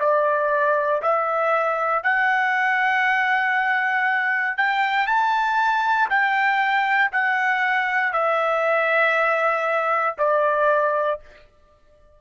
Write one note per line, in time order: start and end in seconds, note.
0.00 1.02 D5
1.02 2.03 E5
2.03 4.57 F#5
4.57 5.07 G5
5.07 6.09 A5
6.10 7.11 G5
7.12 8.13 F#5
8.13 10.16 E5
10.18 11.20 D5